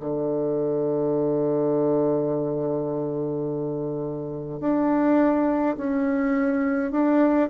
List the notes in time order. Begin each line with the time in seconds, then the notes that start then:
0.00 D3
4.60 D4
5.77 C#4
6.92 D4